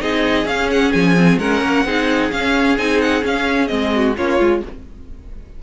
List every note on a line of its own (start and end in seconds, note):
0.00 0.45 C4
0.00 0.46 D#4
0.00 1.39 G#4
0.00 0.47 D#5
0.45 0.91 C#4
0.45 1.17 C#4
0.45 0.70 F5
0.71 0.92 F#5
0.92 1.38 F3
0.92 1.39 G#5
1.17 1.40 C4
1.38 1.61 G#3
1.38 1.86 C#4
1.38 1.85 A#4
1.38 2.31 F#5
1.62 1.85 A#3
1.85 2.31 C4
1.85 2.31 D#4
1.85 3.94 G#4
2.31 2.77 C#4
2.31 2.78 C#4
2.31 2.78 F5
2.78 3.24 C4
2.78 3.22 D#4
2.78 3.01 G#5
3.01 3.24 F#5
3.22 3.68 C#4
3.22 3.70 C#4
3.22 3.67 F5
3.67 4.17 G#3
3.67 4.14 C4
3.67 4.14 D#5
3.96 4.17 F#4
4.17 4.40 A#3
4.17 4.39 C#4
4.17 4.63 F4
4.17 4.63 C#5
4.39 4.63 G#3
4.39 4.62 F4